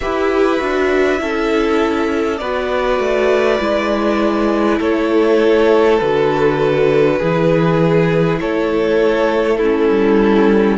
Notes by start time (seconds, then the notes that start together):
0.00 E4 G4 B4 E5
0.58 D4 F#4
1.18 C#4 E4 A4
2.38 B3 F#4 B4 D5
2.99 A3
3.59 G#3 E4
4.79 A3 A4 C#5
5.98 D3 F#4 B4
7.19 E3 E4 G#4
8.40 A3 A4 C#5
9.56 C#4 E4 A4
9.89 G3